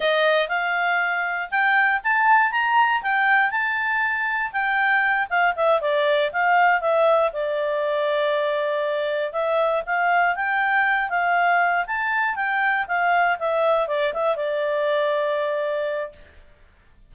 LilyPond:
\new Staff \with { instrumentName = "clarinet" } { \time 4/4 \tempo 4 = 119 dis''4 f''2 g''4 | a''4 ais''4 g''4 a''4~ | a''4 g''4. f''8 e''8 d''8~ | d''8 f''4 e''4 d''4.~ |
d''2~ d''8 e''4 f''8~ | f''8 g''4. f''4. a''8~ | a''8 g''4 f''4 e''4 d''8 | e''8 d''2.~ d''8 | }